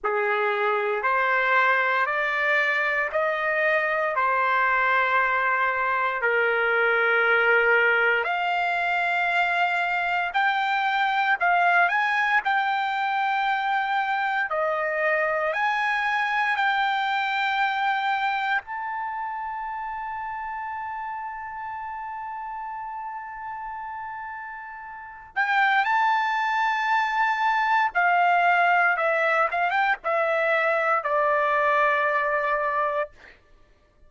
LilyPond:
\new Staff \with { instrumentName = "trumpet" } { \time 4/4 \tempo 4 = 58 gis'4 c''4 d''4 dis''4 | c''2 ais'2 | f''2 g''4 f''8 gis''8 | g''2 dis''4 gis''4 |
g''2 a''2~ | a''1~ | a''8 g''8 a''2 f''4 | e''8 f''16 g''16 e''4 d''2 | }